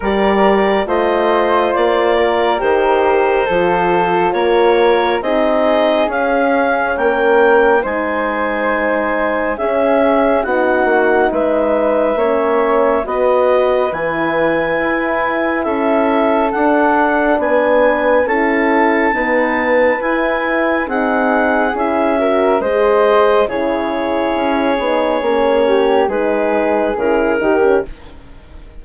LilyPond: <<
  \new Staff \with { instrumentName = "clarinet" } { \time 4/4 \tempo 4 = 69 d''4 dis''4 d''4 c''4~ | c''4 cis''4 dis''4 f''4 | g''4 gis''2 e''4 | fis''4 e''2 dis''4 |
gis''2 e''4 fis''4 | gis''4 a''2 gis''4 | fis''4 e''4 dis''4 cis''4~ | cis''2 b'4 ais'4 | }
  \new Staff \with { instrumentName = "flute" } { \time 4/4 ais'4 c''4. ais'4. | a'4 ais'4 gis'2 | ais'4 c''2 gis'4 | fis'4 b'4 cis''4 b'4~ |
b'2 a'2 | b'4 a'4 b'2 | gis'4. ais'8 c''4 gis'4~ | gis'4. g'8 gis'4. g'8 | }
  \new Staff \with { instrumentName = "horn" } { \time 4/4 g'4 f'2 g'4 | f'2 dis'4 cis'4~ | cis'4 dis'2 cis'4 | dis'2 cis'4 fis'4 |
e'2. d'4~ | d'4 e'4 b4 e'4 | dis'4 e'8 fis'8 gis'4 e'4~ | e'8 dis'8 cis'4 dis'4 e'8 dis'16 cis'16 | }
  \new Staff \with { instrumentName = "bassoon" } { \time 4/4 g4 a4 ais4 dis4 | f4 ais4 c'4 cis'4 | ais4 gis2 cis'4 | b8 ais8 gis4 ais4 b4 |
e4 e'4 cis'4 d'4 | b4 cis'4 dis'4 e'4 | c'4 cis'4 gis4 cis4 | cis'8 b8 ais4 gis4 cis8 dis8 | }
>>